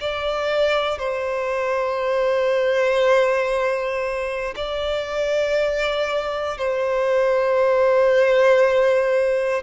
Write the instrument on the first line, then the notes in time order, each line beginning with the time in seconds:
violin
0.00 D5
0.98 C5
4.55 D5
6.57 C5